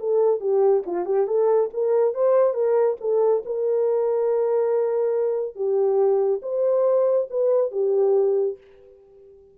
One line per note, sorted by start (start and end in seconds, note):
0.00 0.41 A4
0.41 0.84 G4
0.87 1.06 F4
1.06 1.27 G4
1.27 1.70 A4
1.74 2.14 A#4
2.14 2.54 C5
2.54 2.97 A#4
3.01 3.44 A4
3.46 5.56 A#4
5.56 6.41 G4
6.42 7.28 C5
7.31 7.72 B4
7.72 8.58 G4